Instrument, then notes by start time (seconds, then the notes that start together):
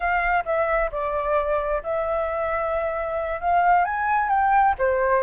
flute
0.00 F5
0.45 E5
0.91 D5
1.83 E5
3.40 F5
3.85 G#5
4.29 G5
4.78 C5